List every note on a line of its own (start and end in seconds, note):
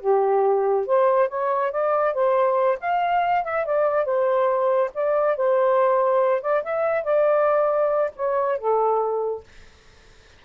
0.00 0.86 G4
0.86 1.28 C5
1.28 1.71 C#5
1.71 2.14 D5
2.14 2.78 C5
2.80 3.44 F5
3.44 3.65 E5
3.65 4.05 D5
4.05 4.90 C5
4.94 5.36 D5
5.36 6.41 C5
6.41 6.63 D5
6.63 7.04 E5
7.04 8.11 D5
8.15 8.58 C#5
8.58 9.43 A4